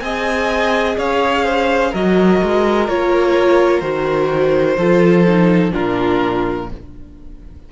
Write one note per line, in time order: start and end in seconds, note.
0.00 0.96 C4
0.00 1.93 G#4
0.00 0.98 D#5
0.00 0.95 G#5
0.98 1.93 C#4
0.98 1.45 C#5
0.98 1.94 F5
1.45 1.91 C5
1.91 2.41 F#3
1.91 2.88 F#4
1.91 4.77 A#4
1.91 2.88 D#5
2.43 2.88 G#3
2.88 3.82 A#3
2.88 3.82 F4
2.88 3.80 C#5
3.80 4.77 D#3
3.80 4.78 F#4
3.80 5.71 C5
4.77 5.72 F3
4.77 5.26 F4
4.77 5.73 A4
5.27 5.71 D#4
5.71 6.72 A#2
5.71 6.66 D4
5.71 6.68 F4
5.71 6.69 A#4